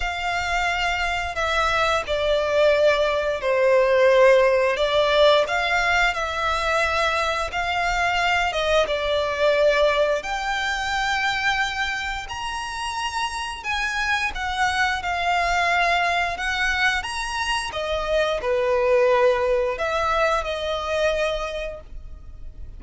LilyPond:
\new Staff \with { instrumentName = "violin" } { \time 4/4 \tempo 4 = 88 f''2 e''4 d''4~ | d''4 c''2 d''4 | f''4 e''2 f''4~ | f''8 dis''8 d''2 g''4~ |
g''2 ais''2 | gis''4 fis''4 f''2 | fis''4 ais''4 dis''4 b'4~ | b'4 e''4 dis''2 | }